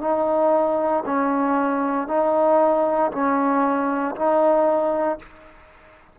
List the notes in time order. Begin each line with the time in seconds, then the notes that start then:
0.00 D#4
1.05 C#4
2.08 D#4
3.12 C#4
4.15 D#4